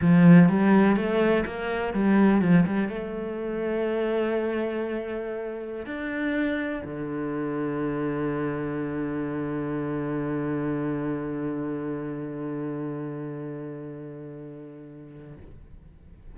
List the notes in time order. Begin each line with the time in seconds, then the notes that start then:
0.01 F3
0.48 G3
0.96 A3
1.45 A#3
1.93 G3
2.41 F3
2.66 G3
2.88 A3
5.85 D4
6.84 D3